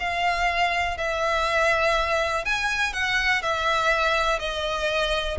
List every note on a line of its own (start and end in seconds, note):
0.00 0.98 F5
0.98 2.45 E5
2.45 2.93 G#5
2.93 3.42 F#5
3.42 4.39 E5
4.39 5.38 D#5